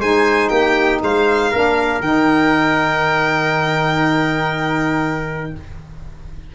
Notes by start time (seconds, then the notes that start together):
0.00 G#3 D#4 C5 G#5
0.49 A#3 G4 G5
1.02 G#3 C5 F5
1.51 A#3 D4 A#4
2.00 D#3 D#4 G5